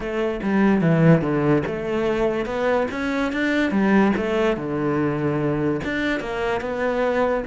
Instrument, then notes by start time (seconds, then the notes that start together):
cello
0.00 A3
0.42 G3
0.81 E3
1.21 D3
1.66 A3
2.45 B3
2.91 C#4
3.32 D4
3.71 G3
4.16 A3
4.56 D3
5.83 D4
6.20 A#3
6.60 B3